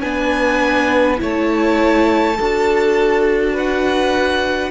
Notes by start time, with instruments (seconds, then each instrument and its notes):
0.00 cello B3, viola D4, violin B4 G#5
1.17 cello A3, viola E4, violin C#5 A5
2.36 cello D4, viola F#4, violin A4
3.53 violin B4 F#5